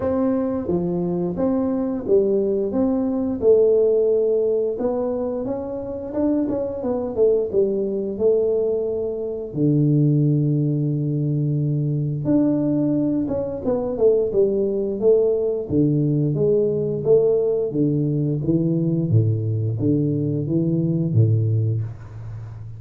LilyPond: \new Staff \with { instrumentName = "tuba" } { \time 4/4 \tempo 4 = 88 c'4 f4 c'4 g4 | c'4 a2 b4 | cis'4 d'8 cis'8 b8 a8 g4 | a2 d2~ |
d2 d'4. cis'8 | b8 a8 g4 a4 d4 | gis4 a4 d4 e4 | a,4 d4 e4 a,4 | }